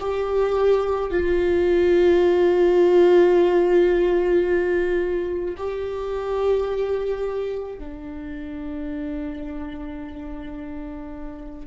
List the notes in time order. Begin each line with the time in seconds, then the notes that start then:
0.00 G4
1.11 F4
5.57 G4
7.79 D4